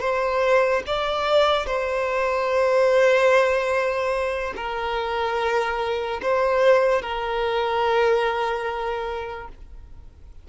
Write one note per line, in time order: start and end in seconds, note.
0.00 0.82 C5
0.87 1.66 D5
1.66 4.54 C5
4.56 6.21 A#4
6.22 7.02 C5
7.02 9.48 A#4